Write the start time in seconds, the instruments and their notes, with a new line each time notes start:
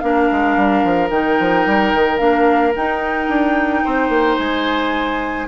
0.00 bassoon A#3, clarinet D4, oboe A#4, flute F5
0.32 bassoon G#3
0.57 bassoon G3
0.85 bassoon F3
1.11 bassoon D#3, clarinet D#4, flute G5
1.40 bassoon F3
1.67 bassoon G3
1.95 bassoon D#3
2.18 bassoon A#3, clarinet D4, flute F5
2.76 clarinet D#4, bassoon D#4, flute G5
3.29 bassoon D4
3.85 bassoon C4, oboe C5
4.10 bassoon A#3
4.38 bassoon G#3, flute G#5